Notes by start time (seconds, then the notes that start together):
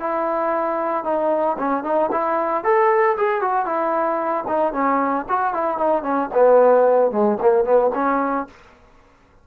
0.00 E4
1.04 D#4
1.59 C#4
1.84 D#4
2.12 E4
2.64 A4
3.17 G#4
3.41 F#4
3.66 E4
4.48 D#4
4.73 C#4
5.29 F#4
5.54 E4
5.78 D#4
6.03 C#4
6.34 B3
7.11 G#3
7.41 A#3
7.65 B3
7.95 C#4